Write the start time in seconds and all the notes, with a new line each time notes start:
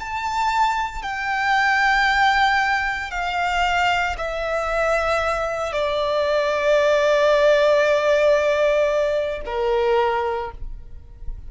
0.00 A5
1.03 G5
3.11 F5
4.18 E5
5.73 D5
9.46 A#4